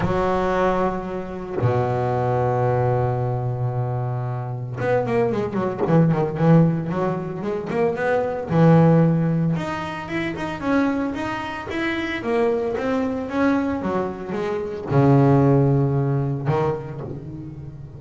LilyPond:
\new Staff \with { instrumentName = "double bass" } { \time 4/4 \tempo 4 = 113 fis2. b,4~ | b,1~ | b,4 b8 ais8 gis8 fis8 e8 dis8 | e4 fis4 gis8 ais8 b4 |
e2 dis'4 e'8 dis'8 | cis'4 dis'4 e'4 ais4 | c'4 cis'4 fis4 gis4 | cis2. dis4 | }